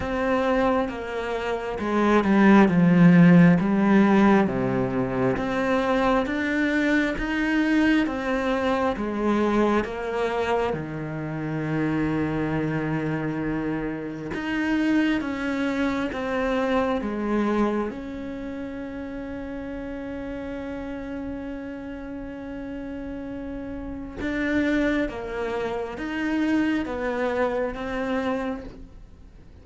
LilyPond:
\new Staff \with { instrumentName = "cello" } { \time 4/4 \tempo 4 = 67 c'4 ais4 gis8 g8 f4 | g4 c4 c'4 d'4 | dis'4 c'4 gis4 ais4 | dis1 |
dis'4 cis'4 c'4 gis4 | cis'1~ | cis'2. d'4 | ais4 dis'4 b4 c'4 | }